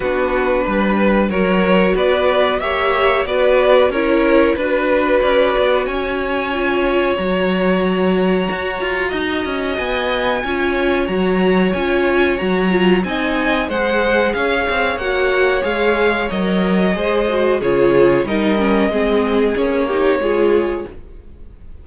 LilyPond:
<<
  \new Staff \with { instrumentName = "violin" } { \time 4/4 \tempo 4 = 92 b'2 cis''4 d''4 | e''4 d''4 cis''4 b'4~ | b'4 gis''2 ais''4~ | ais''2. gis''4~ |
gis''4 ais''4 gis''4 ais''4 | gis''4 fis''4 f''4 fis''4 | f''4 dis''2 cis''4 | dis''2 cis''2 | }
  \new Staff \with { instrumentName = "violin" } { \time 4/4 fis'4 b'4 ais'4 b'4 | cis''4 b'4 ais'4 b'4 | d''4 cis''2.~ | cis''2 dis''2 |
cis''1 | dis''4 c''4 cis''2~ | cis''2 c''4 gis'4 | ais'4 gis'4. g'8 gis'4 | }
  \new Staff \with { instrumentName = "viola" } { \time 4/4 d'2 fis'2 | g'4 fis'4 e'4 fis'4~ | fis'2 f'4 fis'4~ | fis'1 |
f'4 fis'4 f'4 fis'8 f'8 | dis'4 gis'2 fis'4 | gis'4 ais'4 gis'8 fis'8 f'4 | dis'8 cis'8 c'4 cis'8 dis'8 f'4 | }
  \new Staff \with { instrumentName = "cello" } { \time 4/4 b4 g4 fis4 b4 | ais4 b4 cis'4 d'4 | cis'8 b8 cis'2 fis4~ | fis4 fis'8 f'8 dis'8 cis'8 b4 |
cis'4 fis4 cis'4 fis4 | c'4 gis4 cis'8 c'8 ais4 | gis4 fis4 gis4 cis4 | g4 gis4 ais4 gis4 | }
>>